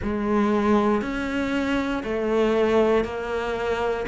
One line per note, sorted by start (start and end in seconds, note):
0.02 1.01 G#3
1.01 2.03 C#4
2.03 3.04 A3
3.04 4.05 A#3